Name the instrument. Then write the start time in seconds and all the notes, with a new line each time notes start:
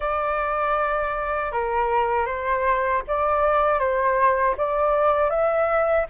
flute
0.00 D5
1.52 A#4
2.26 C5
3.07 D5
3.79 C5
4.57 D5
5.30 E5